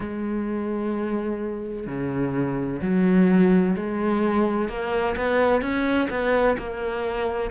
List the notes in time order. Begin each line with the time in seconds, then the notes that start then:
0.00 G#3
1.87 C#3
2.81 F#3
3.75 G#3
4.68 A#3
5.16 B3
5.61 C#4
6.09 B3
6.58 A#3